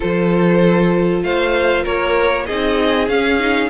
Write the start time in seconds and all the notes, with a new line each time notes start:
0.00 F3 F4 A4 C5
1.23 A3 C5 F5
1.83 A#3 A#4 C#5
2.46 C4 D#4 G#4 D#5
3.08 C#4 F5
3.39 D#4